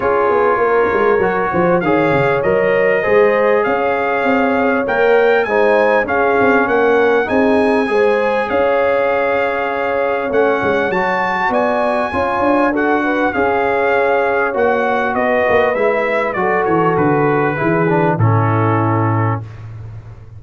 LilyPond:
<<
  \new Staff \with { instrumentName = "trumpet" } { \time 4/4 \tempo 4 = 99 cis''2. f''4 | dis''2 f''2 | g''4 gis''4 f''4 fis''4 | gis''2 f''2~ |
f''4 fis''4 a''4 gis''4~ | gis''4 fis''4 f''2 | fis''4 dis''4 e''4 d''8 cis''8 | b'2 a'2 | }
  \new Staff \with { instrumentName = "horn" } { \time 4/4 gis'4 ais'4. c''8 cis''4~ | cis''4 c''4 cis''2~ | cis''4 c''4 gis'4 ais'4 | gis'4 c''4 cis''2~ |
cis''2. d''4 | cis''4 a'8 b'8 cis''2~ | cis''4 b'2 a'4~ | a'4 gis'4 e'2 | }
  \new Staff \with { instrumentName = "trombone" } { \time 4/4 f'2 fis'4 gis'4 | ais'4 gis'2. | ais'4 dis'4 cis'2 | dis'4 gis'2.~ |
gis'4 cis'4 fis'2 | f'4 fis'4 gis'2 | fis'2 e'4 fis'4~ | fis'4 e'8 d'8 cis'2 | }
  \new Staff \with { instrumentName = "tuba" } { \time 4/4 cis'8 b8 ais8 gis8 fis8 f8 dis8 cis8 | fis4 gis4 cis'4 c'4 | ais4 gis4 cis'8 c'8 ais4 | c'4 gis4 cis'2~ |
cis'4 a8 gis8 fis4 b4 | cis'8 d'4. cis'2 | ais4 b8 ais8 gis4 fis8 e8 | d4 e4 a,2 | }
>>